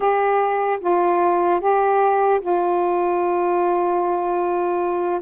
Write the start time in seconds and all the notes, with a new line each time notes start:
0.00 G4
0.80 F4
1.60 G4
2.40 F4